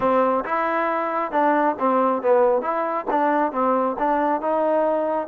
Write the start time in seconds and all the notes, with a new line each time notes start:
0.00 C4
0.44 E4
1.31 D4
1.79 C4
2.22 B3
2.61 E4
3.10 D4
3.52 C4
3.98 D4
4.41 D#4